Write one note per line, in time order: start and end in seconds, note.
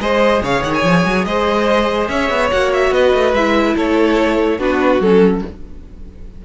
0.00 0.42 G#3
0.00 2.52 G#4
0.00 0.43 C5
0.00 0.42 D#5
0.42 0.63 C#3
0.42 1.26 C#5
0.42 0.63 F5
0.63 0.84 D#3
0.63 0.73 F#5
0.74 1.25 G#5
0.84 1.05 F3
1.06 1.25 F#3
1.25 2.09 G#3
1.25 2.11 C5
1.25 2.08 D#5
2.08 2.30 C#4
2.08 2.94 C#5
2.08 2.50 E5
2.30 2.51 B3
2.51 2.91 A#3
2.51 3.36 F#4
2.51 2.72 F#5
2.73 2.94 E5
2.91 3.12 B3
2.91 3.76 B4
2.91 3.35 D#5
3.14 3.33 A3
3.33 3.75 G#3
3.33 4.59 E4
3.33 3.76 E5
3.76 4.59 A3
3.76 4.58 A4
3.76 4.61 C#5
4.58 5.00 B3
4.58 5.01 D4
4.58 5.41 F#4
4.58 5.01 B4
5.00 5.42 F#3
5.00 5.45 C#4
5.00 5.43 A4